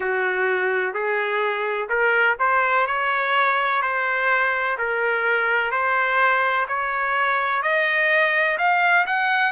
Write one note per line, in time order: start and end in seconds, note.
0.00 0.93 F#4
0.93 1.88 G#4
1.89 2.36 A#4
2.39 2.86 C5
2.87 3.82 C#5
3.82 4.77 C5
4.77 5.71 A#4
5.71 6.66 C5
6.68 7.62 C#5
7.62 8.57 D#5
8.58 9.05 F5
9.06 9.52 F#5